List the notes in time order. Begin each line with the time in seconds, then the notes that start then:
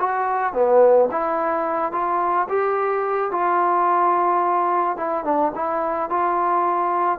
0.00 F#4
0.53 B3
1.11 E4
1.92 F4
2.49 G4
3.31 F4
4.97 E4
5.24 D4
5.55 E4
6.10 F4